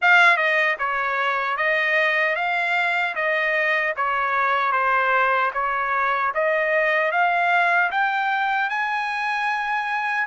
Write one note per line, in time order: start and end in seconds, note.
0.01 0.36 F5
0.36 0.76 D#5
0.78 1.56 C#5
1.56 2.35 D#5
2.35 3.14 F5
3.15 3.94 D#5
3.96 4.72 C#5
4.72 5.50 C5
5.53 6.32 C#5
6.34 7.11 D#5
7.11 7.90 F5
7.91 8.69 G5
8.69 10.27 G#5